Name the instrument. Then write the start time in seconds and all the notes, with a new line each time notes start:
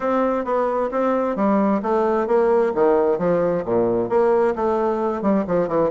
bassoon
0.00 C4
0.44 B3
0.91 C4
1.35 G3
1.82 A3
2.27 A#3
2.74 D#3
3.18 F3
3.65 A#2
4.09 A#3
4.55 A3
5.22 G3
5.47 F3
5.68 E3